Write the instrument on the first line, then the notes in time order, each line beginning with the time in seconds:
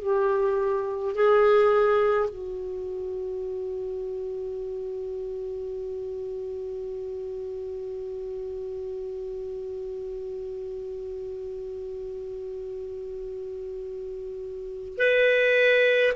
clarinet
0.00 G4
1.15 G#4
2.29 F#4
14.98 B4